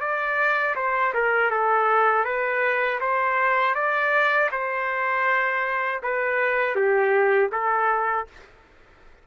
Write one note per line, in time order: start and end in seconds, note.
0.00 0.75 D5
0.75 1.13 C5
1.14 1.50 A#4
1.50 2.24 A4
2.24 2.99 B4
3.00 3.74 C5
3.74 4.49 D5
4.51 6.01 C5
6.02 6.75 B4
6.75 7.50 G4
7.52 8.27 A4